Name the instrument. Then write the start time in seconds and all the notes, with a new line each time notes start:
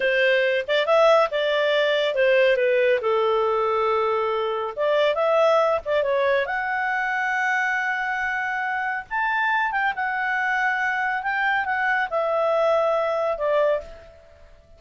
clarinet
0.00 C5
0.67 D5
0.86 E5
1.31 D5
2.14 C5
2.56 B4
3.01 A4
4.75 D5
5.14 E5
5.85 D5
6.03 C#5
6.45 F#5
9.10 A5
9.71 G5
9.95 F#5
11.22 G5
11.65 F#5
12.10 E5
13.37 D5